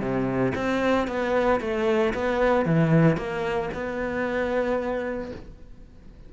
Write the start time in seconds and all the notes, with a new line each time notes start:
0.00 C3
0.55 C4
1.07 B3
1.61 A3
2.14 B3
2.65 E3
3.17 A#3
3.74 B3